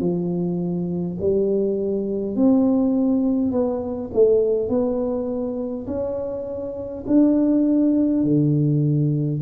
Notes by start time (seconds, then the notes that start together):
0.00 F3
1.21 G3
2.36 C4
3.52 B3
4.13 A3
4.69 B3
5.87 C#4
7.07 D4
8.24 D3